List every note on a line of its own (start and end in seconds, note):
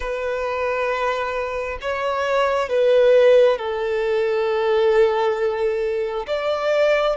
0.00 1.78 B4
1.81 2.69 C#5
2.69 3.57 B4
3.57 6.26 A4
6.26 7.16 D5